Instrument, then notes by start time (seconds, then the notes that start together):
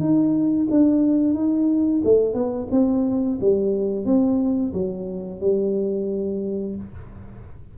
tuba
0.00 D#4
0.71 D4
1.35 D#4
2.04 A3
2.34 B3
2.72 C4
3.41 G3
4.05 C4
4.74 F#3
5.41 G3